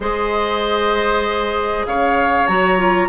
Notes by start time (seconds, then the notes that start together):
0.00 G#3 G#4 C5 D#5
1.86 C#3 C#5 F5
2.46 F#3 F#4 A#5
2.78 F4